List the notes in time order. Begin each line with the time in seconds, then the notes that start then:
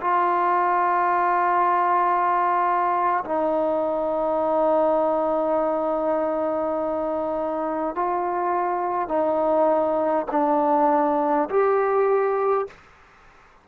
0.00 F4
3.24 D#4
7.95 F4
9.08 D#4
10.31 D4
11.49 G4